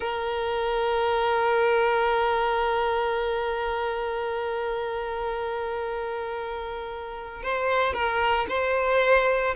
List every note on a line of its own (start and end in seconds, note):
0.00 7.42 A#4
7.42 7.93 C5
7.93 8.46 A#4
8.48 9.54 C5